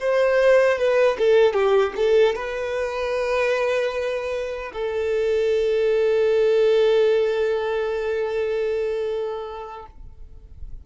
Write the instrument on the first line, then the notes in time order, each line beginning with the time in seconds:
violin
0.00 C5
0.78 B4
1.18 A4
1.54 G4
1.96 A4
2.35 B4
4.73 A4